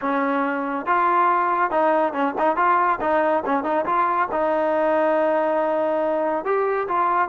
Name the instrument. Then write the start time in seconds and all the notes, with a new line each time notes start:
trombone
0.01 C#4
0.86 F4
1.70 D#4
2.13 C#4
2.38 D#4
2.56 F4
3.00 D#4
3.45 C#4
3.63 D#4
3.85 F4
4.31 D#4
6.44 G4
6.88 F4